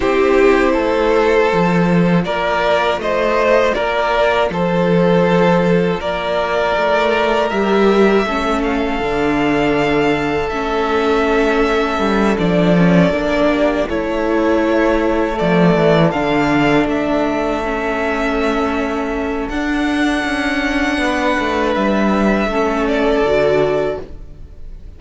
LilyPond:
<<
  \new Staff \with { instrumentName = "violin" } { \time 4/4 \tempo 4 = 80 c''2. d''4 | dis''4 d''4 c''2 | d''2 e''4. f''8~ | f''2 e''2~ |
e''8 d''2 cis''4.~ | cis''8 d''4 f''4 e''4.~ | e''2 fis''2~ | fis''4 e''4. d''4. | }
  \new Staff \with { instrumentName = "violin" } { \time 4/4 g'4 a'2 ais'4 | c''4 ais'4 a'2 | ais'2. a'4~ | a'1~ |
a'2 g'8 a'4.~ | a'1~ | a'1 | b'2 a'2 | }
  \new Staff \with { instrumentName = "viola" } { \time 4/4 e'2 f'2~ | f'1~ | f'2 g'4 cis'4 | d'2 cis'2~ |
cis'8 d'8 cis'8 d'4 e'4.~ | e'8 a4 d'2 cis'8~ | cis'2 d'2~ | d'2 cis'4 fis'4 | }
  \new Staff \with { instrumentName = "cello" } { \time 4/4 c'4 a4 f4 ais4 | a4 ais4 f2 | ais4 a4 g4 a4 | d2 a2 |
g8 f4 ais4 a4.~ | a8 f8 e8 d4 a4.~ | a2 d'4 cis'4 | b8 a8 g4 a4 d4 | }
>>